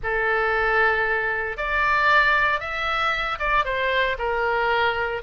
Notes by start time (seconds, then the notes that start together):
0.03 A4
1.57 D5
2.60 E5
3.39 D5
3.64 C5
4.18 A#4